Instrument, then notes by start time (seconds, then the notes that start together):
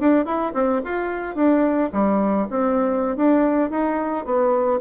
bassoon
0.00 D4
0.25 E4
0.54 C4
0.84 F4
1.35 D4
1.93 G3
2.50 C4
3.17 D4
3.70 D#4
4.25 B3